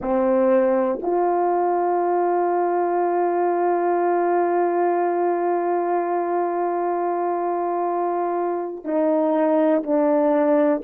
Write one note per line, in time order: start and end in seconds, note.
0.01 0.99 C4
1.01 8.84 F4
8.84 9.82 D#4
9.83 10.82 D4